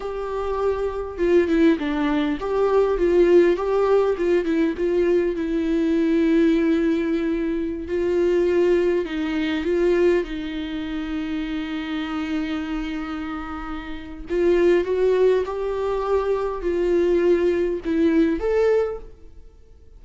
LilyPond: \new Staff \with { instrumentName = "viola" } { \time 4/4 \tempo 4 = 101 g'2 f'8 e'8 d'4 | g'4 f'4 g'4 f'8 e'8 | f'4 e'2.~ | e'4~ e'16 f'2 dis'8.~ |
dis'16 f'4 dis'2~ dis'8.~ | dis'1 | f'4 fis'4 g'2 | f'2 e'4 a'4 | }